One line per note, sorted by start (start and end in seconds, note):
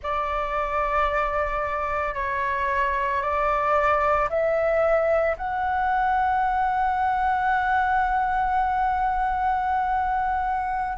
0.02 2.14 D5
2.14 3.21 C#5
3.21 4.29 D5
4.29 5.36 E5
5.37 10.97 F#5